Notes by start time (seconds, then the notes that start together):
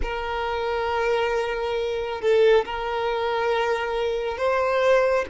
0.02 A#4
2.21 A4
2.65 A#4
4.37 C5